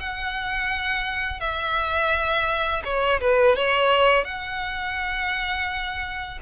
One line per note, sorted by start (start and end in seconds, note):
0.00 1.40 F#5
1.40 2.83 E5
2.84 3.20 C#5
3.20 3.56 B4
3.56 4.25 C#5
4.25 6.39 F#5